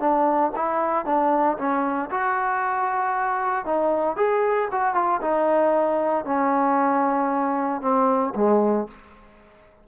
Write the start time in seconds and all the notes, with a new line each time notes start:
0.00 D4
0.56 E4
1.06 D4
1.58 C#4
2.11 F#4
3.65 D#4
4.16 G#4
4.72 F#4
4.95 F4
5.22 D#4
6.25 C#4
7.82 C4
8.35 G#3